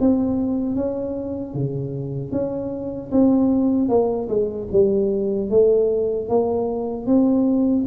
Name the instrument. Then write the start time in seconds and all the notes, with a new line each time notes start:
tuba
0.00 C4
0.76 C#4
1.54 C#3
2.32 C#4
3.11 C4
3.89 A#3
4.29 G#3
4.72 G3
5.50 A3
6.29 A#3
7.06 C4